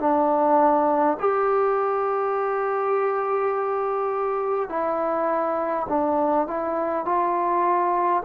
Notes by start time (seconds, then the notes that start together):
0.00 D4
1.20 G4
4.70 E4
5.89 D4
6.48 E4
7.06 F4